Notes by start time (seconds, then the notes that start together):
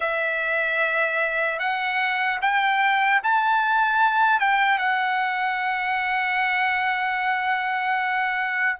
0.00 E5
1.59 F#5
2.41 G5
3.23 A5
4.40 G5
4.78 F#5